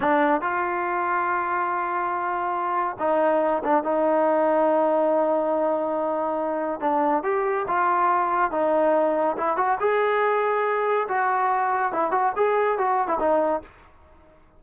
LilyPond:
\new Staff \with { instrumentName = "trombone" } { \time 4/4 \tempo 4 = 141 d'4 f'2.~ | f'2. dis'4~ | dis'8 d'8 dis'2.~ | dis'1 |
d'4 g'4 f'2 | dis'2 e'8 fis'8 gis'4~ | gis'2 fis'2 | e'8 fis'8 gis'4 fis'8. e'16 dis'4 | }